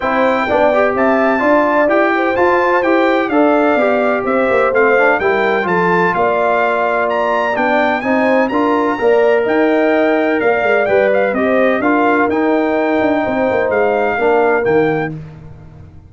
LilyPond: <<
  \new Staff \with { instrumentName = "trumpet" } { \time 4/4 \tempo 4 = 127 g''2 a''2 | g''4 a''4 g''4 f''4~ | f''4 e''4 f''4 g''4 | a''4 f''2 ais''4 |
g''4 gis''4 ais''2 | g''2 f''4 g''8 f''8 | dis''4 f''4 g''2~ | g''4 f''2 g''4 | }
  \new Staff \with { instrumentName = "horn" } { \time 4/4 c''4 d''4 e''4 d''4~ | d''8 c''2~ c''8 d''4~ | d''4 c''2 ais'4 | a'4 d''2.~ |
d''4 c''4 ais'4 d''4 | dis''2 d''2 | c''4 ais'2. | c''2 ais'2 | }
  \new Staff \with { instrumentName = "trombone" } { \time 4/4 e'4 d'8 g'4. f'4 | g'4 f'4 g'4 a'4 | g'2 c'8 d'8 e'4 | f'1 |
d'4 dis'4 f'4 ais'4~ | ais'2. b'4 | g'4 f'4 dis'2~ | dis'2 d'4 ais4 | }
  \new Staff \with { instrumentName = "tuba" } { \time 4/4 c'4 b4 c'4 d'4 | e'4 f'4 e'4 d'4 | b4 c'8 ais8 a4 g4 | f4 ais2. |
b4 c'4 d'4 ais4 | dis'2 ais8 gis8 g4 | c'4 d'4 dis'4. d'8 | c'8 ais8 gis4 ais4 dis4 | }
>>